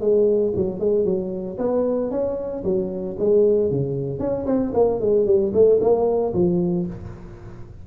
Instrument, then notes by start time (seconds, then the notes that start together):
tuba
0.00 G#3
0.56 F#3
0.79 G#3
1.04 F#3
1.58 B3
2.10 C#4
2.64 F#3
3.18 G#3
3.70 C#3
4.19 C#4
4.46 C4
4.74 A#3
5.00 G#3
5.25 G3
5.53 A3
5.80 A#3
6.33 F3